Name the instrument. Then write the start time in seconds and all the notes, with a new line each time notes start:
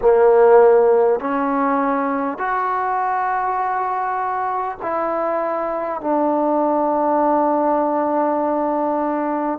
trombone
0.01 A#3
1.19 C#4
2.38 F#4
4.82 E4
6.01 D4